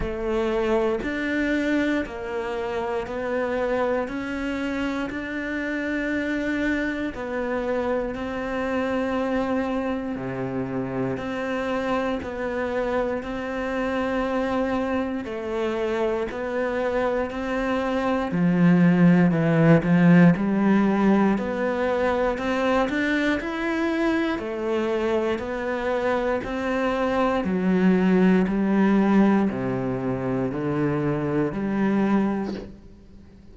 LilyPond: \new Staff \with { instrumentName = "cello" } { \time 4/4 \tempo 4 = 59 a4 d'4 ais4 b4 | cis'4 d'2 b4 | c'2 c4 c'4 | b4 c'2 a4 |
b4 c'4 f4 e8 f8 | g4 b4 c'8 d'8 e'4 | a4 b4 c'4 fis4 | g4 c4 d4 g4 | }